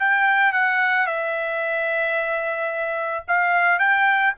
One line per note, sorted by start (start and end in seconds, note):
0.00 0.53 G5
0.53 1.07 F#5
1.07 3.25 E5
3.28 3.79 F5
3.79 4.34 G5